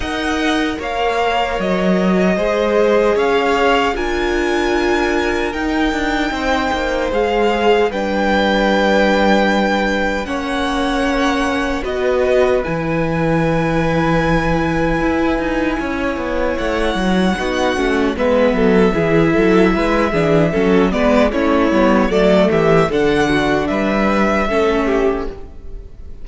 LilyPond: <<
  \new Staff \with { instrumentName = "violin" } { \time 4/4 \tempo 4 = 76 fis''4 f''4 dis''2 | f''4 gis''2 g''4~ | g''4 f''4 g''2~ | g''4 fis''2 dis''4 |
gis''1~ | gis''4 fis''2 e''4~ | e''2~ e''8 d''8 cis''4 | d''8 e''8 fis''4 e''2 | }
  \new Staff \with { instrumentName = "violin" } { \time 4/4 dis''4 cis''2 c''4 | cis''4 ais'2. | c''2 b'2~ | b'4 cis''2 b'4~ |
b'1 | cis''2 fis'4 b'8 a'8 | gis'8 a'8 b'8 gis'8 a'8 b'8 e'4 | a'8 g'8 a'8 fis'8 b'4 a'8 g'8 | }
  \new Staff \with { instrumentName = "viola" } { \time 4/4 ais'2. gis'4~ | gis'4 f'2 dis'4~ | dis'4 gis'4 d'2~ | d'4 cis'2 fis'4 |
e'1~ | e'2 dis'8 cis'8 b4 | e'4. d'8 cis'8 b8 cis'8 b8 | a4 d'2 cis'4 | }
  \new Staff \with { instrumentName = "cello" } { \time 4/4 dis'4 ais4 fis4 gis4 | cis'4 d'2 dis'8 d'8 | c'8 ais8 gis4 g2~ | g4 ais2 b4 |
e2. e'8 dis'8 | cis'8 b8 a8 fis8 b8 a8 gis8 fis8 | e8 fis8 gis8 e8 fis8 gis8 a8 g8 | fis8 e8 d4 g4 a4 | }
>>